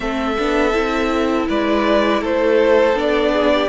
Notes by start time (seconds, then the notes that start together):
0.00 A3 C4 A4 E5
0.38 B3 D4
0.72 C4 E4
1.48 G#3 B4 D5
2.21 A3 A4 C5
2.93 B3 D4 D5
3.32 G#4
3.54 G4